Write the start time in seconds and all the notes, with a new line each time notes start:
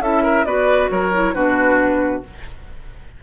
0.00 C#4 E4 A4 E5
0.23 A#4
0.45 B3 F#4 B4 D5
0.91 F#3 A#4 C#5
1.14 E4
1.35 B2 D4 F#4 B4